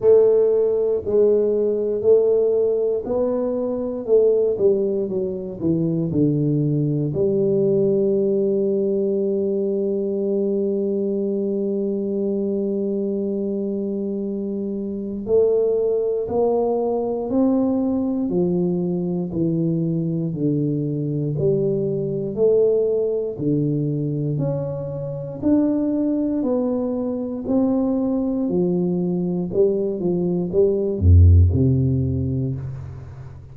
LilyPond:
\new Staff \with { instrumentName = "tuba" } { \time 4/4 \tempo 4 = 59 a4 gis4 a4 b4 | a8 g8 fis8 e8 d4 g4~ | g1~ | g2. a4 |
ais4 c'4 f4 e4 | d4 g4 a4 d4 | cis'4 d'4 b4 c'4 | f4 g8 f8 g8 f,8 c4 | }